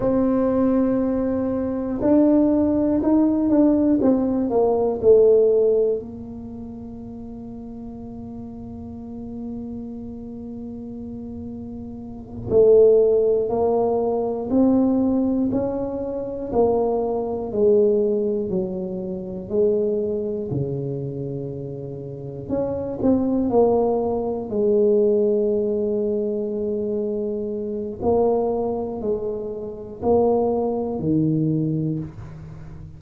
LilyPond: \new Staff \with { instrumentName = "tuba" } { \time 4/4 \tempo 4 = 60 c'2 d'4 dis'8 d'8 | c'8 ais8 a4 ais2~ | ais1~ | ais8 a4 ais4 c'4 cis'8~ |
cis'8 ais4 gis4 fis4 gis8~ | gis8 cis2 cis'8 c'8 ais8~ | ais8 gis2.~ gis8 | ais4 gis4 ais4 dis4 | }